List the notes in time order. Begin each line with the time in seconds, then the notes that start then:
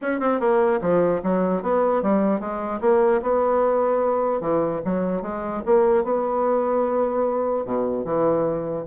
0.01 C#4
0.20 C4
0.40 A#3
0.81 F3
1.23 F#3
1.62 B3
2.02 G3
2.40 G#3
2.80 A#3
3.22 B3
4.40 E3
4.84 F#3
5.22 G#3
5.65 A#3
6.04 B3
7.65 B2
8.04 E3